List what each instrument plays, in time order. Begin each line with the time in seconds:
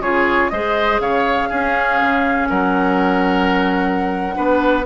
0.00 bassoon C#3, clarinet F4, oboe G#4, flute C#5
0.50 bassoon G#3, clarinet G#4, oboe C5, flute D#5
1.00 bassoon C#3, oboe C#5, flute F5
1.49 bassoon C#4, clarinet C#4, oboe G#4
2.01 bassoon C#3
2.49 bassoon F#3, oboe A#4, flute F#5
4.34 bassoon B3, clarinet D4, oboe B4